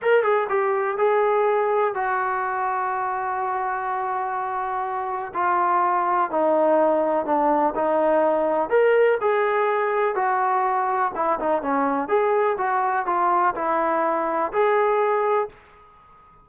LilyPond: \new Staff \with { instrumentName = "trombone" } { \time 4/4 \tempo 4 = 124 ais'8 gis'8 g'4 gis'2 | fis'1~ | fis'2. f'4~ | f'4 dis'2 d'4 |
dis'2 ais'4 gis'4~ | gis'4 fis'2 e'8 dis'8 | cis'4 gis'4 fis'4 f'4 | e'2 gis'2 | }